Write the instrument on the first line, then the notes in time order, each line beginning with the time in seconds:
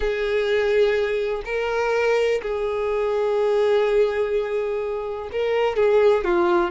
violin
0.00 G#4
1.45 A#4
2.42 G#4
5.31 A#4
5.76 G#4
6.24 F4